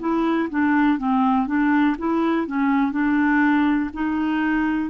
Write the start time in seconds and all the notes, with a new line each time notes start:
0.00 E4
0.50 D4
0.98 C4
1.47 D4
1.99 E4
2.47 C#4
2.92 D4
3.94 D#4